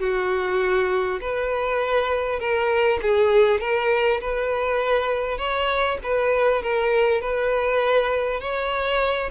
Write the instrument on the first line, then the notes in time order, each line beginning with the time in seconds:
violin
0.00 F#4
1.21 B4
2.40 A#4
3.02 G#4
3.61 A#4
4.21 B4
5.38 C#5
6.03 B4
6.63 A#4
7.21 B4
8.41 C#5